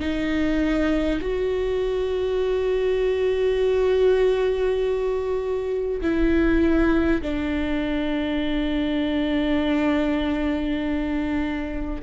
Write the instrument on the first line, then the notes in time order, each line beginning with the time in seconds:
viola
0.00 D#4
1.22 F#4
6.02 E4
7.22 D4